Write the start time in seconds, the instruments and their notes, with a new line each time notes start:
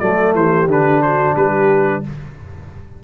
0.00 tuba F#3, trombone A3, horn A4, trumpet D5
0.35 tuba E3, horn G4, trumpet C5
0.68 tuba D3, trombone D4, trumpet B4
1.02 horn F#4, trumpet C5
1.36 tuba G3, horn G4, trumpet B4